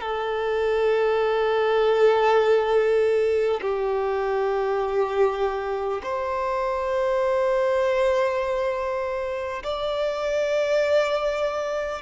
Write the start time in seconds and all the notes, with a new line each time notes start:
0.00 A4
3.61 G4
6.03 C5
9.63 D5